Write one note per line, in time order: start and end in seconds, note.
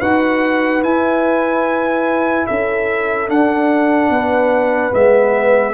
0.00 0.83 D#4
0.00 0.82 F#4
0.00 2.47 B4
0.00 0.83 F#5
0.82 3.28 E4
0.82 2.47 E4
0.82 2.47 G#5
2.47 3.29 C#4
2.47 4.12 A4
2.47 3.29 E5
3.28 4.92 D4
3.28 4.10 D4
3.28 4.94 F#5
4.10 4.92 B3
4.10 5.74 B4
4.92 5.74 G#3
4.92 5.74 B3
4.92 5.74 E5